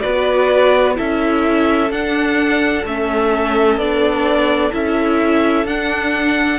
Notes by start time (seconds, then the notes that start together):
0.00 B3 F#4 B4 D5
0.95 C#4 E4 A4 E5
1.90 D4 F#5
2.85 A3 C#4 E5
3.77 B3 D4 D5
4.72 C#4 E4 E5
5.64 D4 F#5